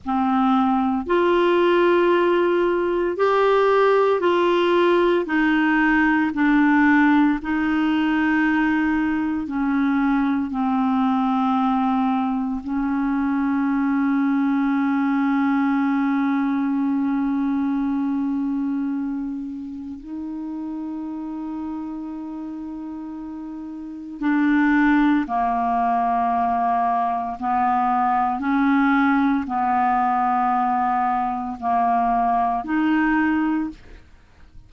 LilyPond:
\new Staff \with { instrumentName = "clarinet" } { \time 4/4 \tempo 4 = 57 c'4 f'2 g'4 | f'4 dis'4 d'4 dis'4~ | dis'4 cis'4 c'2 | cis'1~ |
cis'2. dis'4~ | dis'2. d'4 | ais2 b4 cis'4 | b2 ais4 dis'4 | }